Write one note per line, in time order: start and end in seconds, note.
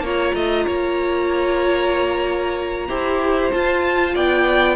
0.00 0.32 A#3
0.00 2.88 F4
0.00 0.35 C#5
0.07 3.52 A#5
0.34 0.66 A3
0.34 0.66 D#5
0.66 2.89 A#3
0.66 2.87 C#5
2.88 3.52 E4
2.88 3.52 G4
2.88 4.14 C5
3.52 4.76 F4
3.52 4.16 F4
3.52 4.15 A5
4.14 4.76 B3
4.14 4.76 D5
4.14 4.76 G5